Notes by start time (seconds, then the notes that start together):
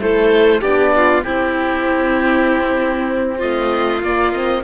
0.00 A3 E4 A4 C5
0.61 B3 D4 G4 D5
0.96 F4
1.23 C4 E4 G4
3.38 A3 F4 D#5
4.02 A#3 D5
4.32 C4 D#5